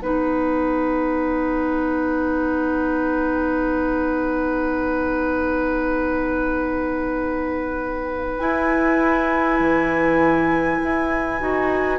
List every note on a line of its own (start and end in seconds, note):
0.00 8.40 B3
0.00 8.40 D#4
0.00 11.99 B4
0.00 8.39 F#5
8.39 9.60 E4
8.39 11.40 E4
8.39 11.99 G#5
9.60 10.80 E3
10.83 11.41 E4
11.40 11.99 D#4
11.40 11.99 F#4